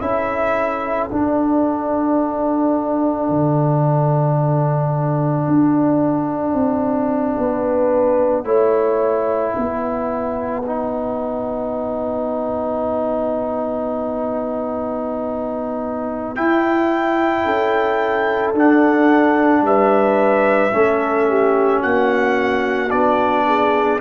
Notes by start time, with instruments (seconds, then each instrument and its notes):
0.00 tuba C#4, trombone E4, horn A4, trumpet E5
1.08 tuba D4, trombone D4, trumpet F#5
3.29 tuba D3
5.47 tuba D4
6.53 tuba C4
7.37 tuba B3, horn B4
8.44 tuba A3, trombone E4, horn C#5
9.54 tuba B3, horn B4
10.66 trombone D#4
16.35 trombone E4, tuba E4, trumpet G5
17.44 tuba C#4, horn A4
18.53 tuba D4, trombone D4, trumpet F#5
19.61 tuba G3, horn B4, trumpet E5
20.71 tuba A3, trombone C#4, horn A4
21.29 horn G4
21.81 tuba A#3, horn F#4, trumpet F#5
22.90 tuba B3, trombone D4, trumpet D5
23.47 horn G#4